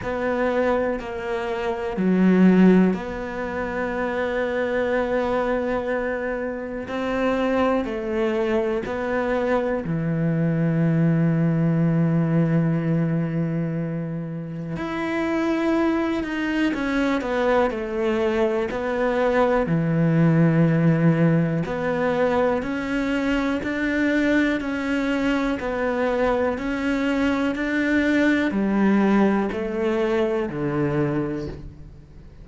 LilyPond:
\new Staff \with { instrumentName = "cello" } { \time 4/4 \tempo 4 = 61 b4 ais4 fis4 b4~ | b2. c'4 | a4 b4 e2~ | e2. e'4~ |
e'8 dis'8 cis'8 b8 a4 b4 | e2 b4 cis'4 | d'4 cis'4 b4 cis'4 | d'4 g4 a4 d4 | }